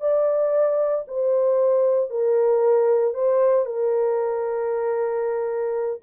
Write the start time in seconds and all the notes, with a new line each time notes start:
0.00 D5
1.07 C5
2.10 A#4
3.14 C5
3.65 A#4